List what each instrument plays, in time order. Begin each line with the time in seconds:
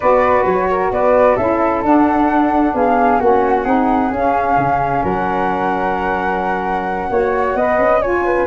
0.00 tuba B3, saxophone F#4, flute B4 D5
0.45 tuba F#3, flute C#5
0.69 flute A#4
0.91 tuba B3, flute B4 D5
1.35 tuba C#4, saxophone E4, flute A4 E5
1.83 tuba D4, saxophone D4, flute F#5
2.74 tuba B3, flute G#4 F5
3.19 tuba A#3, saxophone C#4, flute F#4 F#5
3.64 tuba C4, saxophone D#4, flute G#4
4.11 tuba C#4, saxophone C#4, flute F5
4.56 tuba C#3
5.03 tuba F#3, flute A#4 F#5
7.10 tuba A#3, saxophone F#4, flute C#5
7.55 tuba B3, saxophone B4, flute D#5
7.77 tuba C#4
8.01 saxophone F4, flute C#5 G#5
8.25 flute B4